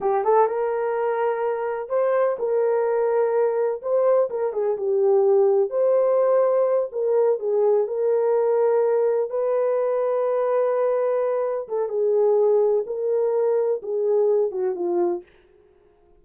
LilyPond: \new Staff \with { instrumentName = "horn" } { \time 4/4 \tempo 4 = 126 g'8 a'8 ais'2. | c''4 ais'2. | c''4 ais'8 gis'8 g'2 | c''2~ c''8 ais'4 gis'8~ |
gis'8 ais'2. b'8~ | b'1~ | b'8 a'8 gis'2 ais'4~ | ais'4 gis'4. fis'8 f'4 | }